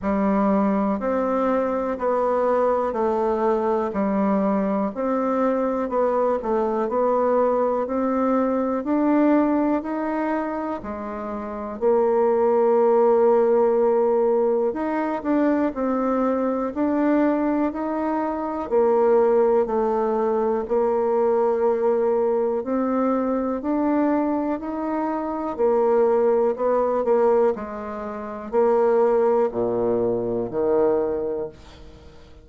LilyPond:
\new Staff \with { instrumentName = "bassoon" } { \time 4/4 \tempo 4 = 61 g4 c'4 b4 a4 | g4 c'4 b8 a8 b4 | c'4 d'4 dis'4 gis4 | ais2. dis'8 d'8 |
c'4 d'4 dis'4 ais4 | a4 ais2 c'4 | d'4 dis'4 ais4 b8 ais8 | gis4 ais4 ais,4 dis4 | }